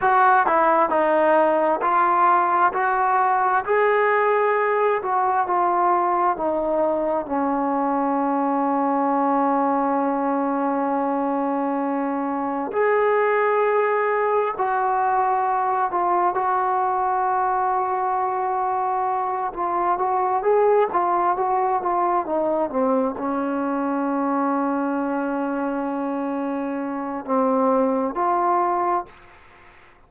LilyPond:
\new Staff \with { instrumentName = "trombone" } { \time 4/4 \tempo 4 = 66 fis'8 e'8 dis'4 f'4 fis'4 | gis'4. fis'8 f'4 dis'4 | cis'1~ | cis'2 gis'2 |
fis'4. f'8 fis'2~ | fis'4. f'8 fis'8 gis'8 f'8 fis'8 | f'8 dis'8 c'8 cis'2~ cis'8~ | cis'2 c'4 f'4 | }